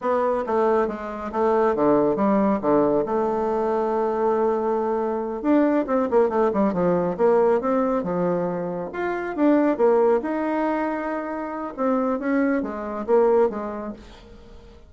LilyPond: \new Staff \with { instrumentName = "bassoon" } { \time 4/4 \tempo 4 = 138 b4 a4 gis4 a4 | d4 g4 d4 a4~ | a1~ | a8 d'4 c'8 ais8 a8 g8 f8~ |
f8 ais4 c'4 f4.~ | f8 f'4 d'4 ais4 dis'8~ | dis'2. c'4 | cis'4 gis4 ais4 gis4 | }